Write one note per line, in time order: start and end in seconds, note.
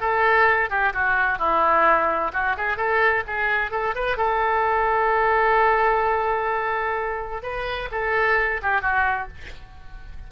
0.00 0.70 A4
0.70 0.93 G4
0.93 1.38 F#4
1.38 2.32 E4
2.33 2.56 F#4
2.57 2.77 G#4
2.77 3.23 A4
3.27 3.71 G#4
3.71 3.94 A4
3.95 4.17 B4
4.17 7.42 A4
7.42 7.89 B4
7.91 8.61 A4
8.62 8.81 G4
8.81 9.28 F#4